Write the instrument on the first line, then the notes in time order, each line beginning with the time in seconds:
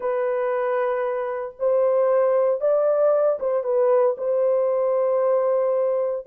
horn
0.00 B4
1.59 C5
2.60 D5
3.39 C5
3.63 B4
4.17 C5